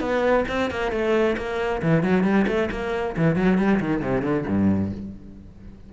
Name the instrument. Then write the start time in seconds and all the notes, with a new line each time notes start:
cello
0.00 B3
0.48 C4
0.70 A#3
0.91 A3
1.37 A#3
1.82 E3
2.03 F#3
2.23 G3
2.47 A3
2.71 A#3
3.17 E3
3.36 F#3
3.57 G3
3.80 D#3
4.02 C3
4.22 D3
4.47 G2